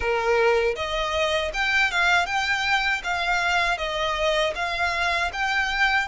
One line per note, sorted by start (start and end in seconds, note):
0.00 0.75 A#4
0.75 1.51 D#5
1.53 1.91 G5
1.91 2.25 F5
2.25 3.01 G5
3.03 3.77 F5
3.77 4.53 D#5
4.55 5.31 F5
5.33 6.08 G5